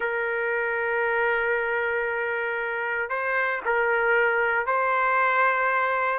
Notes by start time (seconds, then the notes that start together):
0.00 A#4
3.09 C5
3.65 A#4
4.66 C5